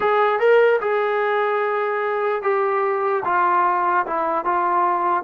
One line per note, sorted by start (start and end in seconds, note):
0.00 0.39 G#4
0.39 0.80 A#4
0.80 2.42 G#4
2.42 3.23 G4
3.24 4.05 F4
4.06 4.44 E4
4.44 5.23 F4